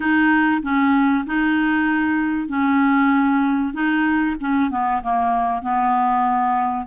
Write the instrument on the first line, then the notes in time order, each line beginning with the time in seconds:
clarinet
0.00 D#4
0.62 C#4
1.26 D#4
2.48 C#4
3.73 D#4
4.40 C#4
4.70 B3
5.03 A#3
5.62 B3